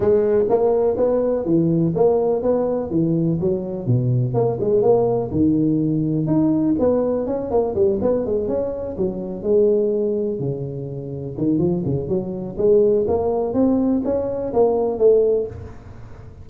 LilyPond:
\new Staff \with { instrumentName = "tuba" } { \time 4/4 \tempo 4 = 124 gis4 ais4 b4 e4 | ais4 b4 e4 fis4 | b,4 ais8 gis8 ais4 dis4~ | dis4 dis'4 b4 cis'8 ais8 |
g8 b8 gis8 cis'4 fis4 gis8~ | gis4. cis2 dis8 | f8 cis8 fis4 gis4 ais4 | c'4 cis'4 ais4 a4 | }